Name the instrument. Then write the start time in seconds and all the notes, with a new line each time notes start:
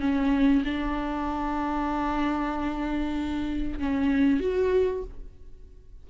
viola
0.00 C#4
0.65 D4
3.79 C#4
4.40 F#4